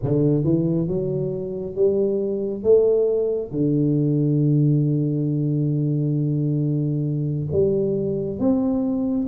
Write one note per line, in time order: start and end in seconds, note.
0.02 0.44 D3
0.44 0.87 E3
0.87 1.75 F#3
1.75 2.63 G3
2.63 3.51 A3
3.51 7.48 D3
7.52 8.39 G3
8.39 9.27 C4